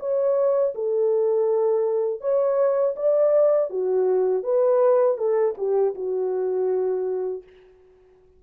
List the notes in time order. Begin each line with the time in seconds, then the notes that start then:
0.00 C#5
0.75 A4
2.21 C#5
2.97 D5
3.70 F#4
4.44 B4
5.18 A4
5.58 G4
5.95 F#4